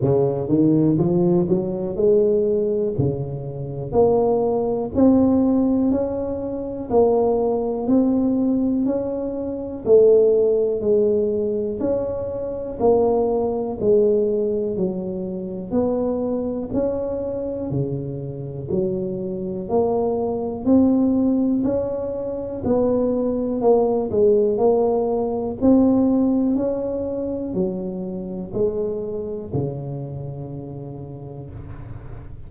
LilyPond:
\new Staff \with { instrumentName = "tuba" } { \time 4/4 \tempo 4 = 61 cis8 dis8 f8 fis8 gis4 cis4 | ais4 c'4 cis'4 ais4 | c'4 cis'4 a4 gis4 | cis'4 ais4 gis4 fis4 |
b4 cis'4 cis4 fis4 | ais4 c'4 cis'4 b4 | ais8 gis8 ais4 c'4 cis'4 | fis4 gis4 cis2 | }